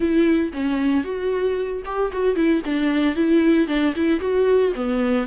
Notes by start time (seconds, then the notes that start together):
0.00 E4
0.53 C#4
1.04 F#4
1.85 G4
2.12 F#4
2.35 E4
2.65 D4
3.15 E4
3.67 D4
3.95 E4
4.20 F#4
4.75 B3